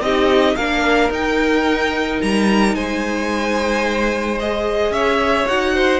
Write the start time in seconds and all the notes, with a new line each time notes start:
0.00 C4 D#4 G4 D#5
0.55 A#3 D4 A#4 F5
1.09 D#4 G5
2.21 G3 A#5
2.74 G#3 C5 G#5
4.39 G#4 D#5
4.90 C#4 C#5 E5
5.47 D#4 F#4 F#5
5.75 C5